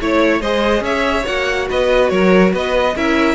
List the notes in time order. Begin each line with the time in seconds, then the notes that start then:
0.00 A3 E4 C#5
0.40 G#3 G#4 C5 D#5
0.80 C#4 C#5 E5
1.23 A#3 F#4 F#5
1.69 B3 B4 D#5
2.09 F#3 A#4 C#5
2.52 B3 B4 D#5
2.95 C#4 E4 A#4 E5